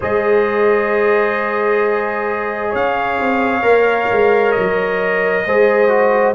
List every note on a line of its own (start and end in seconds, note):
0.00 2.74 G#3
0.00 3.62 G#4
0.00 2.69 C5
0.00 2.75 D#5
2.69 3.19 C#4
2.69 5.42 C#5
2.69 4.51 F5
3.19 3.63 C4
3.62 4.08 A#3
3.62 5.44 A#4
4.11 4.56 G#3
4.51 6.33 D#5
4.58 5.45 F#3
5.45 6.34 G#3
5.45 5.88 G#4
5.45 6.34 C5
5.88 6.33 F#4